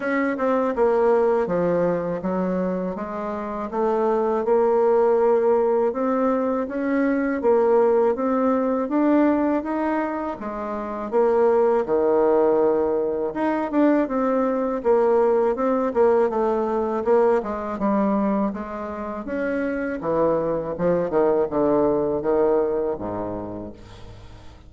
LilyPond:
\new Staff \with { instrumentName = "bassoon" } { \time 4/4 \tempo 4 = 81 cis'8 c'8 ais4 f4 fis4 | gis4 a4 ais2 | c'4 cis'4 ais4 c'4 | d'4 dis'4 gis4 ais4 |
dis2 dis'8 d'8 c'4 | ais4 c'8 ais8 a4 ais8 gis8 | g4 gis4 cis'4 e4 | f8 dis8 d4 dis4 gis,4 | }